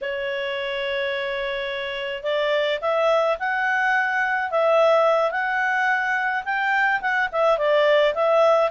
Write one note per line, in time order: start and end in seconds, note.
0.01 2.23 C#5
2.23 2.79 D5
2.81 3.37 E5
3.39 4.50 F#5
4.50 5.31 E5
5.31 6.43 F#5
6.45 7.01 G5
7.01 7.29 F#5
7.32 7.58 E5
7.58 8.14 D5
8.14 8.70 E5